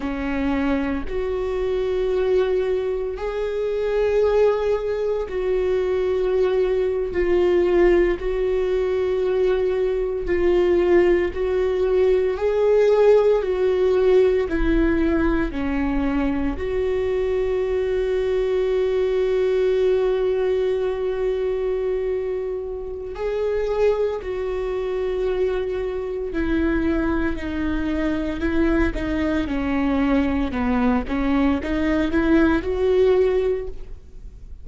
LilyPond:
\new Staff \with { instrumentName = "viola" } { \time 4/4 \tempo 4 = 57 cis'4 fis'2 gis'4~ | gis'4 fis'4.~ fis'16 f'4 fis'16~ | fis'4.~ fis'16 f'4 fis'4 gis'16~ | gis'8. fis'4 e'4 cis'4 fis'16~ |
fis'1~ | fis'2 gis'4 fis'4~ | fis'4 e'4 dis'4 e'8 dis'8 | cis'4 b8 cis'8 dis'8 e'8 fis'4 | }